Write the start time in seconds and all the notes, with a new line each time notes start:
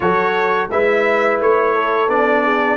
0.00 F#3 F#4 A4 C#5
0.70 G#3 E4 B4 E5
1.40 A3 C#5
1.74 A4
2.08 B3 D4 D5
2.44 G#4